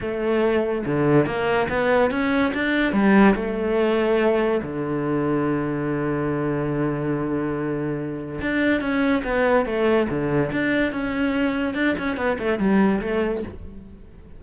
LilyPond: \new Staff \with { instrumentName = "cello" } { \time 4/4 \tempo 4 = 143 a2 d4 ais4 | b4 cis'4 d'4 g4 | a2. d4~ | d1~ |
d1 | d'4 cis'4 b4 a4 | d4 d'4 cis'2 | d'8 cis'8 b8 a8 g4 a4 | }